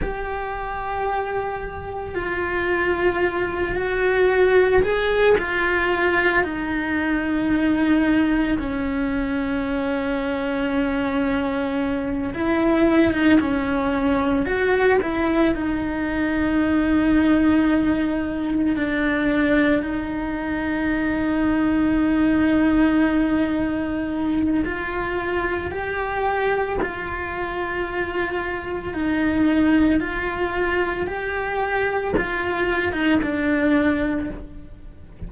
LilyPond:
\new Staff \with { instrumentName = "cello" } { \time 4/4 \tempo 4 = 56 g'2 f'4. fis'8~ | fis'8 gis'8 f'4 dis'2 | cis'2.~ cis'8 e'8~ | e'16 dis'16 cis'4 fis'8 e'8 dis'4.~ |
dis'4. d'4 dis'4.~ | dis'2. f'4 | g'4 f'2 dis'4 | f'4 g'4 f'8. dis'16 d'4 | }